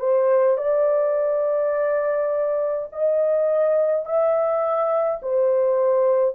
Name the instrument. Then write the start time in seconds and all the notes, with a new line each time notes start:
horn
0.00 C5
0.58 D5
2.93 D#5
4.05 E5
5.23 C5